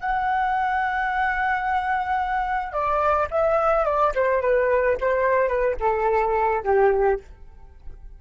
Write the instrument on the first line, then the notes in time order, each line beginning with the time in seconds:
flute
0.00 F#5
2.72 D5
3.30 E5
3.85 D5
4.15 C5
4.41 B4
5.01 C5
5.48 B4
5.80 A4
6.64 G4